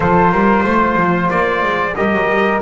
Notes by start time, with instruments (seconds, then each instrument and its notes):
0.00 double bass F3, trombone F4, flute A4, trumpet C5
0.31 double bass G3, flute A#4
0.64 double bass A3, flute C5
0.96 double bass F3
1.30 double bass A#3, trumpet D5
1.62 double bass G#3
1.95 double bass G3, trombone G4, flute A#4, trumpet D#5
2.13 double bass F#3
2.29 double bass G3